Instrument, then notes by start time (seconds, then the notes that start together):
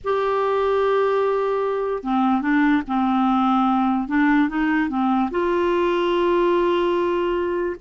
clarinet
0.04 G4
2.03 C4
2.41 D4
2.87 C4
4.08 D4
4.48 D#4
4.89 C4
5.30 F4